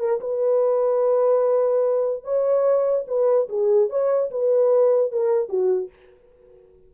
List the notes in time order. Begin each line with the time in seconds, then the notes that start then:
0.00 A#4
0.21 B4
2.24 C#5
3.08 B4
3.49 G#4
3.90 C#5
4.31 B4
5.12 A#4
5.49 F#4